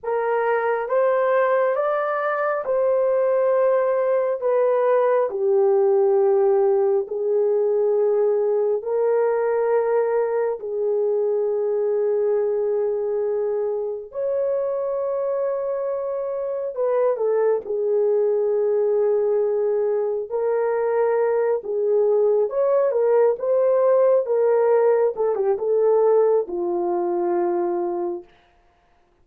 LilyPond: \new Staff \with { instrumentName = "horn" } { \time 4/4 \tempo 4 = 68 ais'4 c''4 d''4 c''4~ | c''4 b'4 g'2 | gis'2 ais'2 | gis'1 |
cis''2. b'8 a'8 | gis'2. ais'4~ | ais'8 gis'4 cis''8 ais'8 c''4 ais'8~ | ais'8 a'16 g'16 a'4 f'2 | }